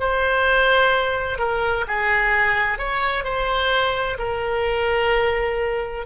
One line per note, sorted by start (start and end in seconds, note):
0.00 1.38 C5
1.38 1.85 A#4
1.87 2.79 G#4
2.79 3.24 C#5
3.24 4.18 C5
4.18 6.06 A#4